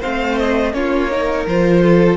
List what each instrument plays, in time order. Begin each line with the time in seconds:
0.00 cello A3, viola C4, violin C5 F5
0.38 violin D#5
0.73 cello A#3, viola C#4, violin F4 C#5
1.10 viola D#4, violin A#4
1.46 cello F3, viola F4, violin C5
1.83 violin A4